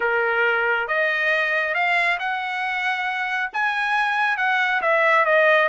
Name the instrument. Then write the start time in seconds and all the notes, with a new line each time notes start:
trumpet
0.00 A#4
0.87 D#5
1.74 F5
2.19 F#5
3.53 G#5
4.37 F#5
4.81 E5
5.25 D#5